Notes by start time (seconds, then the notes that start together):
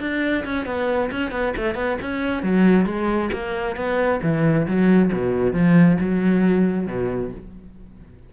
0.00 D4
0.45 C#4
0.66 B3
1.11 C#4
1.31 B3
1.57 A3
1.75 B3
2.01 C#4
2.42 F#3
2.85 G#3
3.33 A#3
3.76 B3
4.22 E3
4.67 F#3
5.13 B2
5.53 F3
6.00 F#3
6.87 B2